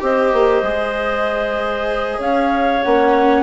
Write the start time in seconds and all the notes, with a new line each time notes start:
0.00 C4 G4 C5 D#5
0.33 A#3
0.62 G#3 G#4
2.18 C#4 C#5 F5
2.83 A#3 C#4 F#5